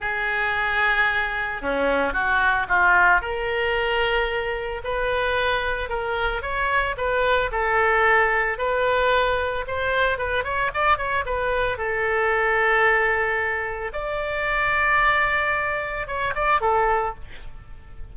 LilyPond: \new Staff \with { instrumentName = "oboe" } { \time 4/4 \tempo 4 = 112 gis'2. cis'4 | fis'4 f'4 ais'2~ | ais'4 b'2 ais'4 | cis''4 b'4 a'2 |
b'2 c''4 b'8 cis''8 | d''8 cis''8 b'4 a'2~ | a'2 d''2~ | d''2 cis''8 d''8 a'4 | }